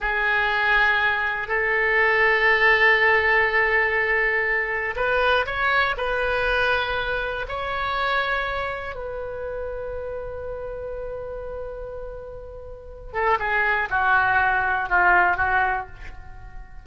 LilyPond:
\new Staff \with { instrumentName = "oboe" } { \time 4/4 \tempo 4 = 121 gis'2. a'4~ | a'1~ | a'2 b'4 cis''4 | b'2. cis''4~ |
cis''2 b'2~ | b'1~ | b'2~ b'8 a'8 gis'4 | fis'2 f'4 fis'4 | }